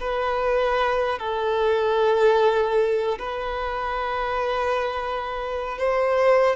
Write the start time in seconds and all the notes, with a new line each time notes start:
0.00 B4
1.19 A4
3.19 B4
5.78 C5